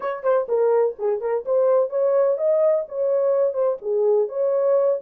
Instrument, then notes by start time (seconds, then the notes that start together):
horn
0.00 C#5
0.23 C5
0.48 A#4
0.98 G#4
1.20 A#4
1.45 C5
1.89 C#5
2.37 D#5
2.88 C#5
3.53 C5
3.81 G#4
4.28 C#5